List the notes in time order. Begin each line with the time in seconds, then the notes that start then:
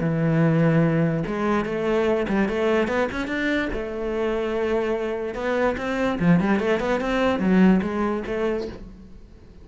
0.00 E3
1.26 G#3
1.65 A3
2.28 G3
2.48 A3
2.88 B3
3.12 C#4
3.27 D4
3.73 A3
5.34 B3
5.77 C4
6.19 F3
6.40 G3
6.59 A3
6.80 B3
7.01 C4
7.39 F#3
7.82 G#3
8.27 A3